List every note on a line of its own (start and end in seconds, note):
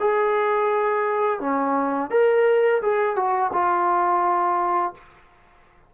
0.00 1.40 G#4
1.40 2.10 C#4
2.10 2.81 A#4
2.82 3.16 G#4
3.16 3.51 F#4
3.53 4.94 F4